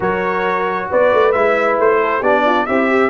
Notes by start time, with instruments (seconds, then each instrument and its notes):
0.00 tuba F#3, trombone F#4, horn A#4, trumpet C#5
0.89 tuba B3, horn B4, trumpet D5
1.13 tuba A3
1.32 tuba G#3, trombone E4, trumpet E5
1.78 tuba A3, trumpet C5
2.01 horn A4
2.19 tuba B3, trombone D4, horn G4, trumpet D5
2.45 horn F4
2.66 tuba C4, horn E4, trombone G4, trumpet E5
2.90 horn G4